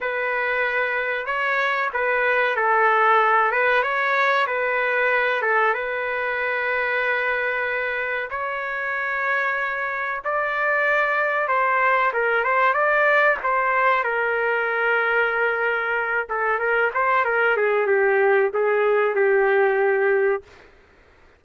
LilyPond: \new Staff \with { instrumentName = "trumpet" } { \time 4/4 \tempo 4 = 94 b'2 cis''4 b'4 | a'4. b'8 cis''4 b'4~ | b'8 a'8 b'2.~ | b'4 cis''2. |
d''2 c''4 ais'8 c''8 | d''4 c''4 ais'2~ | ais'4. a'8 ais'8 c''8 ais'8 gis'8 | g'4 gis'4 g'2 | }